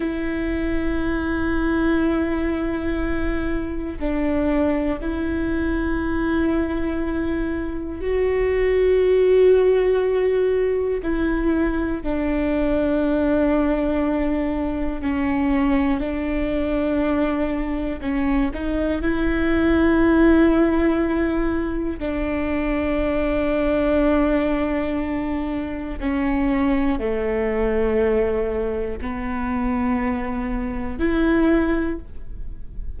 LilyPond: \new Staff \with { instrumentName = "viola" } { \time 4/4 \tempo 4 = 60 e'1 | d'4 e'2. | fis'2. e'4 | d'2. cis'4 |
d'2 cis'8 dis'8 e'4~ | e'2 d'2~ | d'2 cis'4 a4~ | a4 b2 e'4 | }